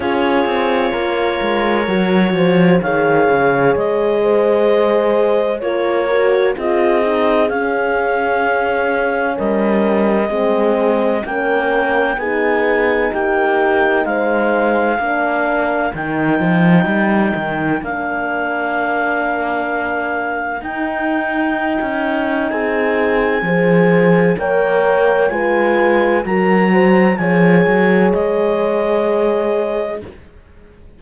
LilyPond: <<
  \new Staff \with { instrumentName = "clarinet" } { \time 4/4 \tempo 4 = 64 cis''2. f''4 | dis''2 cis''4 dis''4 | f''2 dis''2 | g''4 gis''4 g''4 f''4~ |
f''4 g''2 f''4~ | f''2 g''2 | gis''2 g''4 gis''4 | ais''4 gis''4 dis''2 | }
  \new Staff \with { instrumentName = "horn" } { \time 4/4 gis'4 ais'4. c''8 cis''4~ | cis''8 c''4. ais'4 gis'4~ | gis'2 ais'4 gis'4 | ais'4 gis'4 g'4 c''4 |
ais'1~ | ais'1 | gis'4 c''4 cis''4 b'4 | ais'8 c''8 cis''2. | }
  \new Staff \with { instrumentName = "horn" } { \time 4/4 f'2 fis'4 gis'4~ | gis'2 f'8 fis'8 f'8 dis'8 | cis'2. c'4 | cis'4 dis'2. |
d'4 dis'2 d'4~ | d'2 dis'2~ | dis'4 gis'4 ais'4 f'4 | fis'4 gis'2. | }
  \new Staff \with { instrumentName = "cello" } { \time 4/4 cis'8 c'8 ais8 gis8 fis8 f8 dis8 cis8 | gis2 ais4 c'4 | cis'2 g4 gis4 | ais4 b4 ais4 gis4 |
ais4 dis8 f8 g8 dis8 ais4~ | ais2 dis'4~ dis'16 cis'8. | c'4 f4 ais4 gis4 | fis4 f8 fis8 gis2 | }
>>